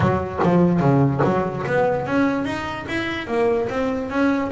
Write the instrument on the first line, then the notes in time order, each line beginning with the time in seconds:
double bass
0.00 F#3
0.43 F3
0.80 C#3
1.24 F#3
1.66 B3
2.06 C#4
2.45 D#4
2.88 E4
3.27 A#3
3.69 C4
4.09 C#4